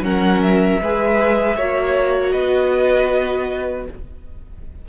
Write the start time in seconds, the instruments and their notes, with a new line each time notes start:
0.00 cello F#3, viola C#4, violin A#4 F#5
0.43 violin E5
0.82 cello G#3, viola G#4, violin B4
1.56 cello A#3, viola F#4, violin C#5
2.31 cello B3, violin B4 D#5